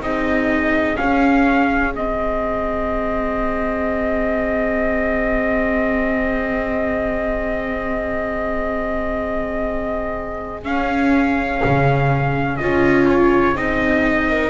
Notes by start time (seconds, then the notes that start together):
0.00 C4 D#4 G#4 D#5
0.96 C#4 F5
1.94 G#3 C4 D#5
10.63 C#4 F5
11.65 C#3
12.57 C#4 F4 D#5
13.09 C#5
13.55 C4 D#4 D#5
14.29 A#4